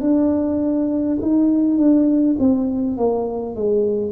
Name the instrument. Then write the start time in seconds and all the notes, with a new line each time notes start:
tuba
0.00 D4
1.21 D#4
1.77 D4
2.39 C4
2.97 A#3
3.55 G#3